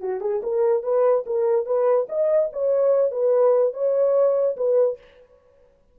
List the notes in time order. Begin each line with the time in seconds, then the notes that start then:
0.00 F#4
0.20 G#4
0.43 A#4
0.83 B4
1.26 A#4
1.66 B4
2.09 D#5
2.52 C#5
3.11 B4
3.73 C#5
4.56 B4